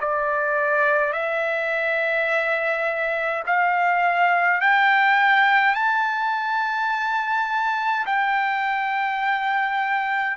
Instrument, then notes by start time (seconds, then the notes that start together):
trumpet
0.00 D5
1.13 E5
3.46 F5
4.60 G5
5.75 A5
8.06 G5